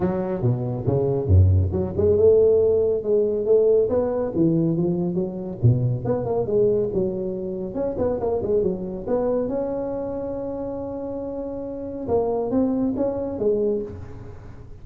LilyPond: \new Staff \with { instrumentName = "tuba" } { \time 4/4 \tempo 4 = 139 fis4 b,4 cis4 fis,4 | fis8 gis8 a2 gis4 | a4 b4 e4 f4 | fis4 b,4 b8 ais8 gis4 |
fis2 cis'8 b8 ais8 gis8 | fis4 b4 cis'2~ | cis'1 | ais4 c'4 cis'4 gis4 | }